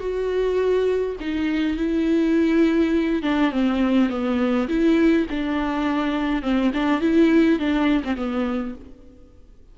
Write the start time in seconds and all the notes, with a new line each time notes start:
0.00 F#4
1.20 D#4
1.77 E4
3.23 D4
3.52 C4
4.10 B3
4.69 E4
5.30 D4
6.42 C4
6.74 D4
7.01 E4
7.59 D4
8.04 C4
8.17 B3